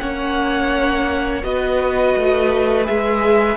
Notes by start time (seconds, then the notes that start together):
0.00 A#3 C#4 C#5 F#5
1.43 B3 F#4 B4 D#5
2.17 A3
2.85 G#3 G#4 E5